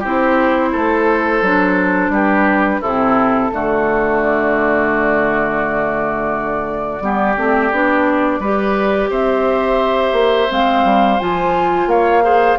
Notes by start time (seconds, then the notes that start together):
0.00 C4 E4 G4 C5
0.73 A3 A4
1.42 F#3 D4
2.10 G3 G4 B4
2.81 C3 C4 E4 A4
3.52 D3 A3 F#4
4.23 D5
7.01 G3 B3 G4
7.37 A3 C4
7.72 B3 D4
8.40 G3 G4 B4
9.10 C4 C5 E5
10.13 A#3
10.50 G#3 C4 F5
10.85 G3
11.20 F3 F4 G#5
11.87 A#3 C#5 F5
12.23 G#4 C5